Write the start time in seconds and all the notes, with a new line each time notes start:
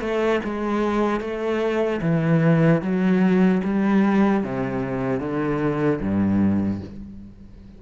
0.00 A3
0.44 G#3
1.20 A3
2.01 E3
2.81 F#3
3.64 G3
4.43 C3
5.20 D3
6.00 G2